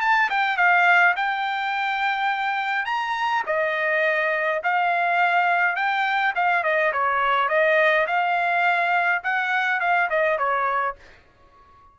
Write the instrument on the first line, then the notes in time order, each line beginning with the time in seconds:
trumpet
0.00 A5
0.29 G5
0.56 F5
1.16 G5
2.85 A#5
3.46 D#5
4.63 F5
5.75 G5
6.35 F5
6.63 D#5
6.92 C#5
7.48 D#5
8.06 F5
9.23 F#5
9.80 F5
10.09 D#5
10.38 C#5